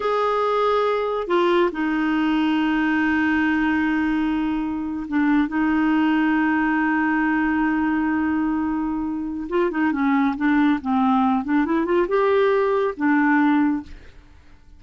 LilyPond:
\new Staff \with { instrumentName = "clarinet" } { \time 4/4 \tempo 4 = 139 gis'2. f'4 | dis'1~ | dis'2.~ dis'8. d'16~ | d'8. dis'2.~ dis'16~ |
dis'1~ | dis'2 f'8 dis'8 cis'4 | d'4 c'4. d'8 e'8 f'8 | g'2 d'2 | }